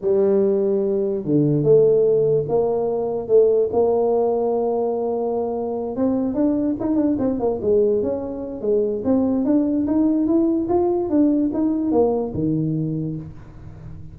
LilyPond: \new Staff \with { instrumentName = "tuba" } { \time 4/4 \tempo 4 = 146 g2. d4 | a2 ais2 | a4 ais2.~ | ais2~ ais8 c'4 d'8~ |
d'8 dis'8 d'8 c'8 ais8 gis4 cis'8~ | cis'4 gis4 c'4 d'4 | dis'4 e'4 f'4 d'4 | dis'4 ais4 dis2 | }